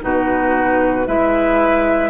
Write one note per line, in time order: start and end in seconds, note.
0.00 1.06 B2
0.00 1.05 D#4
0.00 1.06 F#4
0.00 1.07 B4
1.05 2.09 G#3
1.05 2.09 E4
1.05 2.09 B4
1.05 2.09 E5